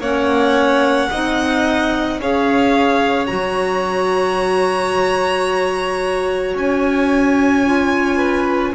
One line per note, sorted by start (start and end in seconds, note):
0.00 1.09 A#3
0.00 1.11 C#4
0.00 1.09 C#5
0.00 2.21 F#5
1.11 2.20 C4
1.11 2.21 D#4
1.11 2.20 D#5
2.20 3.29 C#4
2.20 3.27 G#4
2.20 8.17 C#5
2.20 3.27 F5
3.27 6.55 F#3
3.27 7.64 F#4
3.27 6.54 A#5
6.55 8.73 C#4
6.55 8.75 G#5
7.66 8.75 F4
8.17 8.71 B4